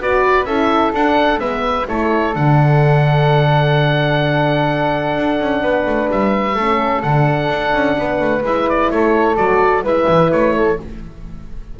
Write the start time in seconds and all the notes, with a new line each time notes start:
0.00 B3 F#4 B4 D5
0.45 C#4 E4 A4 E5
0.94 D4 F#5
1.38 G#3 B3 B4 E5
1.87 A3 E4 A4 C#5
2.33 D3 D4 F#5
5.17 D4
5.40 C#4
5.62 B3 B4
5.86 A3
6.12 G3 E5
6.55 A3 C#4 A4
7.03 D3 D4 F#5
7.49 D4
7.74 C#4
7.97 B3 B4
8.21 A3
8.43 G#3 E4 E5
8.69 D5
8.91 A3 A4 C#5
9.37 F#3 F#4 D5
9.84 G#3 E4 B4 E5
10.08 E3
10.31 A3 C#5
10.57 A4